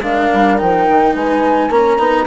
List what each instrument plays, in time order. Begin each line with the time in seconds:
0.00 bassoon G#3, cello D4, horn A#4, flute F5
0.33 bassoon G3
0.58 bassoon F3, cello D#4, flute G5
0.88 bassoon D#3
1.14 bassoon G#3, horn B4, flute G#5
1.70 bassoon A#3, cello C#4, horn A#4, flute A#5
1.98 bassoon B3, cello D#4